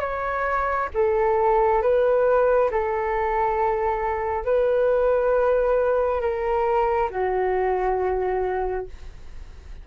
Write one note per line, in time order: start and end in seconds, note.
0.00 0.88 C#5
0.94 1.82 A4
1.82 2.70 B4
2.70 4.44 A4
4.44 6.21 B4
6.21 7.09 A#4
7.09 8.86 F#4